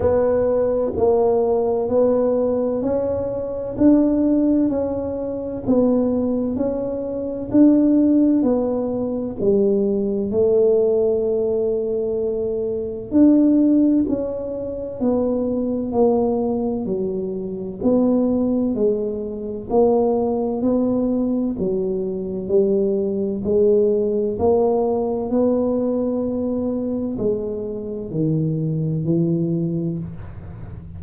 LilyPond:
\new Staff \with { instrumentName = "tuba" } { \time 4/4 \tempo 4 = 64 b4 ais4 b4 cis'4 | d'4 cis'4 b4 cis'4 | d'4 b4 g4 a4~ | a2 d'4 cis'4 |
b4 ais4 fis4 b4 | gis4 ais4 b4 fis4 | g4 gis4 ais4 b4~ | b4 gis4 dis4 e4 | }